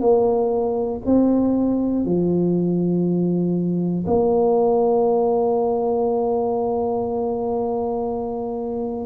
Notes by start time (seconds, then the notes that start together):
0.00 A#3
1.05 C4
2.05 F3
4.06 A#3